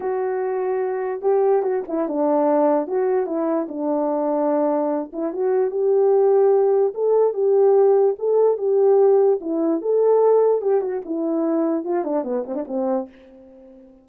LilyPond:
\new Staff \with { instrumentName = "horn" } { \time 4/4 \tempo 4 = 147 fis'2. g'4 | fis'8 e'8 d'2 fis'4 | e'4 d'2.~ | d'8 e'8 fis'4 g'2~ |
g'4 a'4 g'2 | a'4 g'2 e'4 | a'2 g'8 fis'8 e'4~ | e'4 f'8 d'8 b8 c'16 d'16 c'4 | }